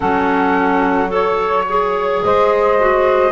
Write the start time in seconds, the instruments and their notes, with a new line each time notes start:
0.00 double bass F#3, clarinet C#4, saxophone A4, flute F#5
1.08 clarinet A4, saxophone C#5, flute C#5
1.68 clarinet G#4
2.24 double bass G#3, saxophone C5, flute D#5
2.79 clarinet F#4